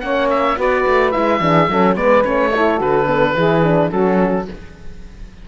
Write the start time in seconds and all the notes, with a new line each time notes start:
0.00 A#3 C#4 C#5 F#5
0.30 E5
0.57 B3 F#4 B4 D5
0.86 A3
1.11 G#3 E4 E5
1.40 E3 D4 G#4
1.69 F#3 C#4 A4
1.95 G#3 B3 B4 D5
2.23 A3 C#4 C#5
2.54 E4 A4
2.78 D3 F#4 B4
3.07 B3
3.34 E3 E4 G#4
3.63 D4
3.90 F#3 C#4 F#4 A4